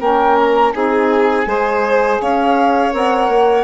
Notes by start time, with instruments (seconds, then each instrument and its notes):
0.00 bassoon A#3, saxophone C#4, violin A#4, flute G5
0.38 flute A#5
0.72 bassoon C4, saxophone D#4, violin G#4, flute G#5
1.45 bassoon G#3, saxophone G#4, violin C5
2.21 bassoon C#4, violin C#5, flute F5
2.92 bassoon C4, saxophone A#4, flute F#5
3.28 bassoon A#3